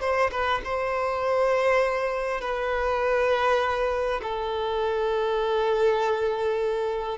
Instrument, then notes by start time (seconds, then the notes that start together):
violin
0.00 C5
0.31 B4
0.64 C5
2.41 B4
4.22 A4